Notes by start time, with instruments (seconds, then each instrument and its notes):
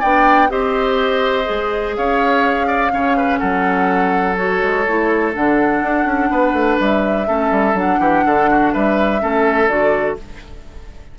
0.00 bassoon B3, clarinet D4, oboe D5, flute G5
0.49 bassoon C4, clarinet G4, oboe C5, flute D#5
1.45 bassoon G#3, clarinet G#4
1.96 bassoon C#4, oboe C#5, flute F5
2.67 oboe D5
2.91 bassoon C#3, clarinet C#4, oboe C#5
3.17 oboe B4
3.38 bassoon F#3, oboe A4, flute F#5
4.36 clarinet F#4, flute C#5
4.62 bassoon G#3
4.88 bassoon A3, clarinet E4
5.33 bassoon D3, clarinet D4, flute F#5
5.82 bassoon D4
6.05 bassoon C#4
6.31 bassoon B3, oboe B4
6.53 bassoon A3
6.80 bassoon G3, flute E5
7.27 bassoon A3, clarinet C#4, oboe A4
7.51 bassoon G3
7.74 bassoon F#3, clarinet D4, flute F#5
7.99 bassoon E3, oboe G4
8.26 bassoon D3, oboe A4
8.50 oboe F#4
8.73 bassoon G3, oboe B4, flute E5
9.20 bassoon A3, clarinet C#4, oboe A4
9.68 bassoon D3, clarinet F#4, flute D5